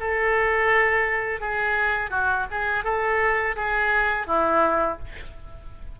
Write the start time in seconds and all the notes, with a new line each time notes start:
0.00 A4
1.40 G#4
2.10 F#4
2.51 G#4
2.84 A4
3.56 G#4
4.27 E4